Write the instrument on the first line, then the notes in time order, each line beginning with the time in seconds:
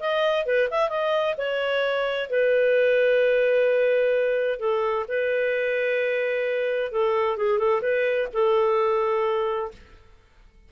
clarinet
0.00 D#5
0.46 B4
0.71 E5
0.90 D#5
1.38 C#5
2.30 B4
4.60 A4
5.08 B4
6.92 A4
7.37 G#4
7.59 A4
7.82 B4
8.33 A4